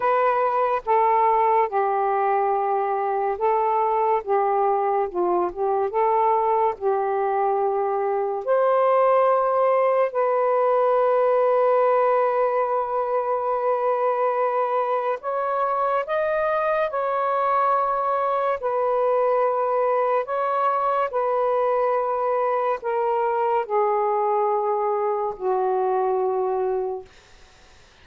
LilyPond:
\new Staff \with { instrumentName = "saxophone" } { \time 4/4 \tempo 4 = 71 b'4 a'4 g'2 | a'4 g'4 f'8 g'8 a'4 | g'2 c''2 | b'1~ |
b'2 cis''4 dis''4 | cis''2 b'2 | cis''4 b'2 ais'4 | gis'2 fis'2 | }